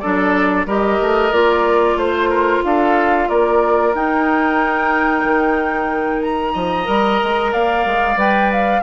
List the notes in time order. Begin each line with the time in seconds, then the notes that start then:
0.00 F#3 D4 A4 D5
0.66 G3 G4 A#4 D#5
1.01 A3
1.32 A#3 F4 D5
1.96 A3 C5
2.30 A#4
2.64 D4 A4 F5
3.29 A#3 A#4 D5
3.94 D#4 G5
5.23 D#3
6.22 A#5
6.53 F3 D#5
6.84 G3 A#4
7.24 G#3
7.52 A#3 D5 F5
7.86 G#3
8.16 G3 B4 G5
8.52 F5